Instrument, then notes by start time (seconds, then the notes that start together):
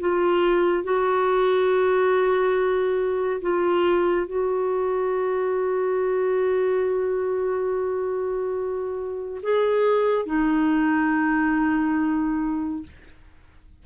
clarinet
0.00 F4
0.84 F#4
3.42 F4
4.27 F#4
9.43 G#4
10.26 D#4